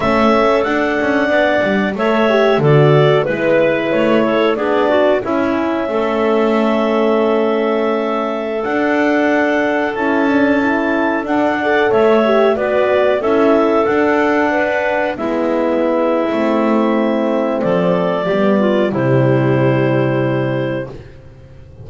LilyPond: <<
  \new Staff \with { instrumentName = "clarinet" } { \time 4/4 \tempo 4 = 92 e''4 fis''2 e''4 | d''4 b'4 cis''4 d''4 | e''1~ | e''4~ e''16 fis''2 a''8.~ |
a''4~ a''16 fis''4 e''4 d''8.~ | d''16 e''4 fis''2 e''8.~ | e''2. d''4~ | d''4 c''2. | }
  \new Staff \with { instrumentName = "clarinet" } { \time 4/4 a'2 d''4 cis''4 | a'4 b'4. a'8 gis'8 fis'8 | e'4 a'2.~ | a'1~ |
a'4.~ a'16 d''8 cis''4 b'8.~ | b'16 a'2 b'4 e'8.~ | e'2. a'4 | g'8 f'8 e'2. | }
  \new Staff \with { instrumentName = "horn" } { \time 4/4 cis'4 d'2 a'8 g'8 | fis'4 e'2 d'4 | cis'1~ | cis'4~ cis'16 d'2 e'8 d'16~ |
d'16 e'4 d'8 a'4 g'8 fis'8.~ | fis'16 e'4 d'2 b8.~ | b4 c'2. | b4 g2. | }
  \new Staff \with { instrumentName = "double bass" } { \time 4/4 a4 d'8 cis'8 b8 g8 a4 | d4 gis4 a4 b4 | cis'4 a2.~ | a4~ a16 d'2 cis'8.~ |
cis'4~ cis'16 d'4 a4 b8.~ | b16 cis'4 d'2 gis8.~ | gis4 a2 f4 | g4 c2. | }
>>